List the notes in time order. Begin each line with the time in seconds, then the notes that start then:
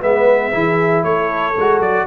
0.00 G#3 B3 B4 E5
0.52 E3 E4 G#4
1.04 A3 A4 C#5
1.57 G#3 F#4
1.80 F#3 D5